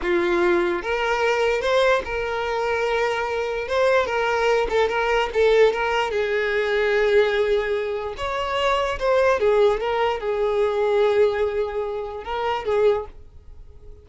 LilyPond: \new Staff \with { instrumentName = "violin" } { \time 4/4 \tempo 4 = 147 f'2 ais'2 | c''4 ais'2.~ | ais'4 c''4 ais'4. a'8 | ais'4 a'4 ais'4 gis'4~ |
gis'1 | cis''2 c''4 gis'4 | ais'4 gis'2.~ | gis'2 ais'4 gis'4 | }